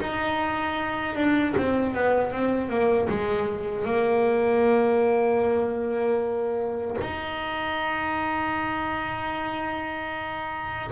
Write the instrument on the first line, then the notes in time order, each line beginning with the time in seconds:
double bass
0.00 D#4
1.15 D4
1.57 C4
1.94 B3
2.31 C4
2.69 A#3
3.09 G#3
3.85 A#3
7.01 D#4